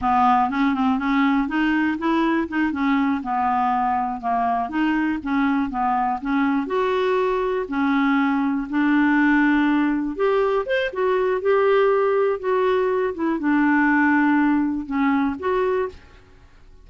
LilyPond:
\new Staff \with { instrumentName = "clarinet" } { \time 4/4 \tempo 4 = 121 b4 cis'8 c'8 cis'4 dis'4 | e'4 dis'8 cis'4 b4.~ | b8 ais4 dis'4 cis'4 b8~ | b8 cis'4 fis'2 cis'8~ |
cis'4. d'2~ d'8~ | d'8 g'4 c''8 fis'4 g'4~ | g'4 fis'4. e'8 d'4~ | d'2 cis'4 fis'4 | }